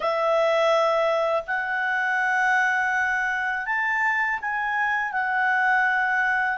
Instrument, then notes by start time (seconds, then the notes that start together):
clarinet
0.00 E5
1.47 F#5
3.66 A5
4.41 G#5
5.12 F#5